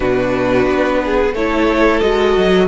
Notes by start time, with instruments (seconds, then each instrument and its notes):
0.00 cello B2, viola D4, violin F#4 B4
0.66 cello B3
1.04 violin G#4
1.33 cello A3, viola E4, violin A4 C#5
2.00 cello G#3, viola F#4, violin D#5
2.37 cello F#3